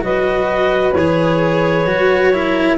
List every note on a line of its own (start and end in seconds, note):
0.00 0.94 F#3
0.00 0.92 F#4
0.00 2.32 B4
0.00 0.92 D#5
0.92 1.85 E3
0.92 1.87 G#4
0.92 2.77 C#5
1.85 2.77 F#3
1.85 2.32 F#4
2.32 2.77 E4
2.32 2.77 A#4